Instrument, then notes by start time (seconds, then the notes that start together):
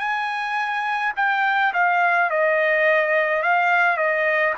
trumpet
0.00 G#5
1.17 G5
1.74 F5
2.31 D#5
3.43 F5
3.97 D#5